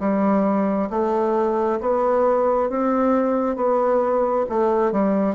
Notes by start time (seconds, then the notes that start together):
0.00 G3
0.90 A3
1.81 B3
2.70 C4
3.57 B3
4.50 A3
4.93 G3